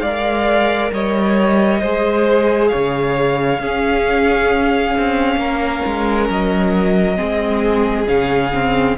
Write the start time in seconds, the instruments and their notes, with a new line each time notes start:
0.00 cello G#3, viola A#4, violin D5 F5
0.92 cello G3, violin C#5 D#5
1.80 cello G#3, viola G#4, violin C5
2.68 violin C#5 F5
2.74 cello C#3
3.59 cello C#4, viola C#4, violin G#4
4.97 cello C4
5.36 cello A#3, violin A#4
5.86 cello G#3
6.29 cello F#3, violin D#5
7.16 cello G#3, viola C4, violin G#4
8.07 cello C#3, viola C#4, violin F5
8.54 viola C4